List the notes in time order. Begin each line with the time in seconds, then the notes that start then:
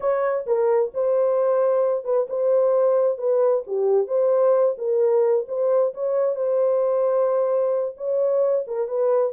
0.00 C#5
0.46 A#4
0.94 C5
2.04 B4
2.29 C5
3.18 B4
3.67 G4
4.07 C5
4.77 A#4
5.48 C5
5.94 C#5
6.35 C5
7.97 C#5
8.67 A#4
8.87 B4